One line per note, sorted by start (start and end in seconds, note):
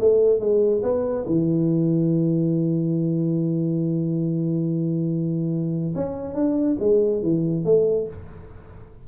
0.00 0.39 A3
0.39 0.82 G#3
0.83 1.25 B3
1.26 5.94 E3
5.95 6.34 C#4
6.34 6.77 D4
6.80 7.22 G#3
7.22 7.65 E3
7.65 8.07 A3